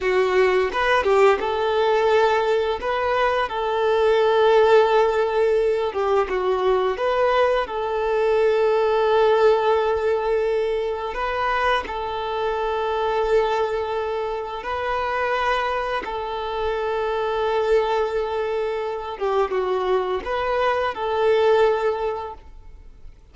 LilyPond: \new Staff \with { instrumentName = "violin" } { \time 4/4 \tempo 4 = 86 fis'4 b'8 g'8 a'2 | b'4 a'2.~ | a'8 g'8 fis'4 b'4 a'4~ | a'1 |
b'4 a'2.~ | a'4 b'2 a'4~ | a'2.~ a'8 g'8 | fis'4 b'4 a'2 | }